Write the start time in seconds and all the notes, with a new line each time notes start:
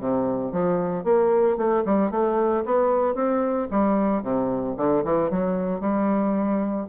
0.00 C3
0.52 F3
1.05 A#3
1.58 A3
1.86 G3
2.11 A3
2.65 B3
3.15 C4
3.71 G3
4.23 C3
4.78 D3
5.05 E3
5.31 F#3
5.81 G3